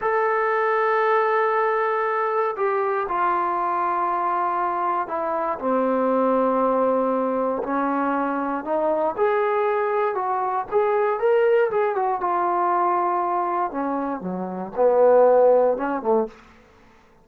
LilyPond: \new Staff \with { instrumentName = "trombone" } { \time 4/4 \tempo 4 = 118 a'1~ | a'4 g'4 f'2~ | f'2 e'4 c'4~ | c'2. cis'4~ |
cis'4 dis'4 gis'2 | fis'4 gis'4 ais'4 gis'8 fis'8 | f'2. cis'4 | fis4 b2 cis'8 a8 | }